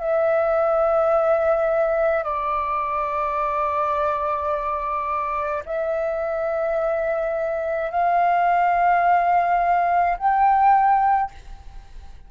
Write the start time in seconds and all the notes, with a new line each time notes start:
0.00 E5
2.24 D5
5.66 E5
7.91 F5
10.18 G5